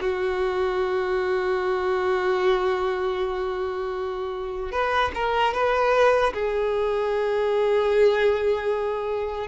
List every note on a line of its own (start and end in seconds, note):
0.00 4.71 F#4
4.71 5.11 B4
5.14 5.54 A#4
5.54 6.33 B4
6.33 9.47 G#4